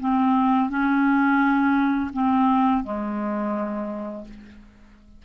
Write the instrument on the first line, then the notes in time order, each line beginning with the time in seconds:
clarinet
0.00 C4
0.70 C#4
2.14 C4
2.84 G#3